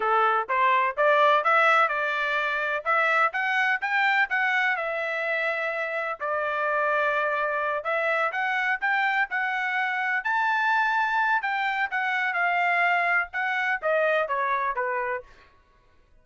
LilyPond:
\new Staff \with { instrumentName = "trumpet" } { \time 4/4 \tempo 4 = 126 a'4 c''4 d''4 e''4 | d''2 e''4 fis''4 | g''4 fis''4 e''2~ | e''4 d''2.~ |
d''8 e''4 fis''4 g''4 fis''8~ | fis''4. a''2~ a''8 | g''4 fis''4 f''2 | fis''4 dis''4 cis''4 b'4 | }